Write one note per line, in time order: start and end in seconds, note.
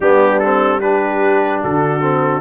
0.00 1.62 G3
0.00 0.43 B3
0.00 0.80 D4
0.00 0.39 G4
0.39 0.81 C4
0.39 0.79 A4
0.80 2.01 D4
0.80 1.61 G4
0.80 1.61 B4
1.61 2.40 D3
1.61 2.40 F#4
1.61 2.40 A4
2.01 2.40 C4